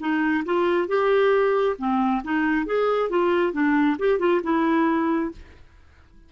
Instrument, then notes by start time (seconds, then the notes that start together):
clarinet
0.00 D#4
0.45 F4
0.88 G4
1.78 C4
2.24 D#4
2.66 G#4
3.09 F4
3.53 D4
3.99 G4
4.19 F4
4.43 E4